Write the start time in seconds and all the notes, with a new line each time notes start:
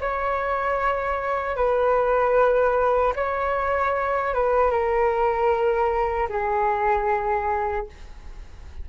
0.00 C#5
1.55 B4
3.15 C#5
4.33 B4
4.70 A#4
6.29 G#4